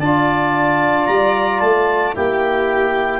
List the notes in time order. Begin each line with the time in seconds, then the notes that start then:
0.00 D4 F4 D5 A5
1.06 G3 A#5
1.60 A3 A5
2.15 A#3 E4 G4 G5